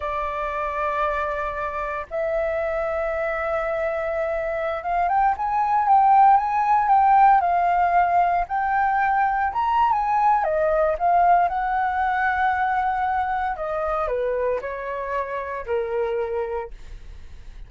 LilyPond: \new Staff \with { instrumentName = "flute" } { \time 4/4 \tempo 4 = 115 d''1 | e''1~ | e''4~ e''16 f''8 g''8 gis''4 g''8.~ | g''16 gis''4 g''4 f''4.~ f''16~ |
f''16 g''2 ais''8. gis''4 | dis''4 f''4 fis''2~ | fis''2 dis''4 b'4 | cis''2 ais'2 | }